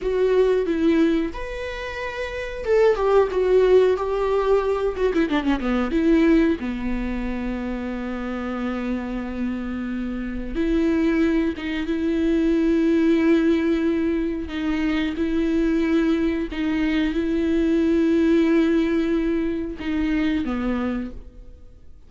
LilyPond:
\new Staff \with { instrumentName = "viola" } { \time 4/4 \tempo 4 = 91 fis'4 e'4 b'2 | a'8 g'8 fis'4 g'4. fis'16 e'16 | d'16 cis'16 b8 e'4 b2~ | b1 |
e'4. dis'8 e'2~ | e'2 dis'4 e'4~ | e'4 dis'4 e'2~ | e'2 dis'4 b4 | }